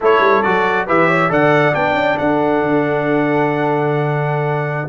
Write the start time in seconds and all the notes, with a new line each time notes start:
0.00 A3 E4 A4 C#5
0.20 G3
0.42 F#3 F#4 D5
0.86 E3 G4 B4 E5
1.07 C#5
1.29 D3 A4 D5 F#5
1.72 B3 D4 G5
1.93 C#4
2.18 D4 A4 F#5
2.62 D3